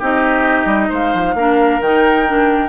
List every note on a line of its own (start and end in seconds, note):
0.00 0.66 C4
0.00 1.37 D#4
0.00 0.89 G4
0.00 0.93 D#5
0.66 0.88 G3
0.89 1.14 G#3
0.89 1.35 C5
0.89 1.82 F5
1.14 1.34 F3
1.34 1.80 A#3
1.34 1.83 D4
1.34 2.69 A#4
1.81 2.69 D#3
1.81 2.27 D#4
1.81 2.69 G5
2.27 2.69 D4